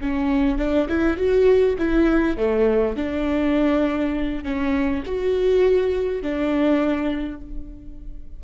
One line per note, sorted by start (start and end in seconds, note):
0.00 0.58 C#4
0.58 0.87 D4
0.88 1.17 E4
1.17 1.76 F#4
1.78 2.37 E4
2.37 2.96 A3
2.96 4.43 D4
4.43 5.03 C#4
5.05 6.22 F#4
6.22 7.41 D4